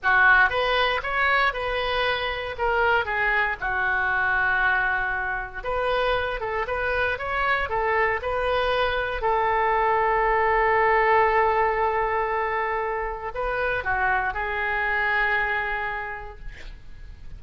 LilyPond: \new Staff \with { instrumentName = "oboe" } { \time 4/4 \tempo 4 = 117 fis'4 b'4 cis''4 b'4~ | b'4 ais'4 gis'4 fis'4~ | fis'2. b'4~ | b'8 a'8 b'4 cis''4 a'4 |
b'2 a'2~ | a'1~ | a'2 b'4 fis'4 | gis'1 | }